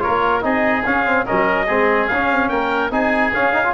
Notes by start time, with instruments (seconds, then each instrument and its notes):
0.00 trombone F4, oboe A#4, trumpet C#5
0.07 tuba A#3
0.41 tuba C4, trombone D#4, oboe G#4, trumpet D#5
0.86 trombone C#4, tuba C#4, trumpet F5
1.06 trombone C4
1.26 tuba F#3, trombone C#4, oboe A#4, trumpet D#5
1.66 tuba G#3, trombone C4, oboe G#4
2.08 tuba C#4, trumpet F5
2.14 trombone C#4
2.32 tuba C4
2.49 tuba A#3, oboe A#4, trumpet G5
2.91 tuba C4, trombone D#4, oboe G#4, trumpet G#5
3.34 trombone C#4, tuba C#4, trumpet F5
3.53 trombone D#4
3.64 trombone F4